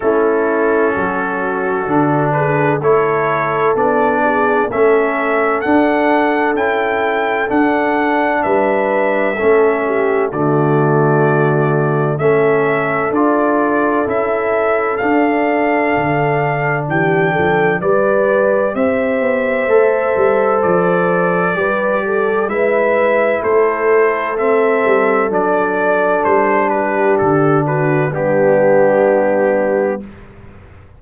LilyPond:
<<
  \new Staff \with { instrumentName = "trumpet" } { \time 4/4 \tempo 4 = 64 a'2~ a'8 b'8 cis''4 | d''4 e''4 fis''4 g''4 | fis''4 e''2 d''4~ | d''4 e''4 d''4 e''4 |
f''2 g''4 d''4 | e''2 d''2 | e''4 c''4 e''4 d''4 | c''8 b'8 a'8 b'8 g'2 | }
  \new Staff \with { instrumentName = "horn" } { \time 4/4 e'4 fis'4. gis'8 a'4~ | a'8 gis'8 a'2.~ | a'4 b'4 a'8 g'8 fis'4~ | fis'4 a'2.~ |
a'2 g'8 a'8 b'4 | c''2. b'8 a'8 | b'4 a'2.~ | a'8 g'4 fis'8 d'2 | }
  \new Staff \with { instrumentName = "trombone" } { \time 4/4 cis'2 d'4 e'4 | d'4 cis'4 d'4 e'4 | d'2 cis'4 a4~ | a4 cis'4 f'4 e'4 |
d'2. g'4~ | g'4 a'2 g'4 | e'2 c'4 d'4~ | d'2 b2 | }
  \new Staff \with { instrumentName = "tuba" } { \time 4/4 a4 fis4 d4 a4 | b4 a4 d'4 cis'4 | d'4 g4 a4 d4~ | d4 a4 d'4 cis'4 |
d'4 d4 e8 f8 g4 | c'8 b8 a8 g8 f4 g4 | gis4 a4. g8 fis4 | g4 d4 g2 | }
>>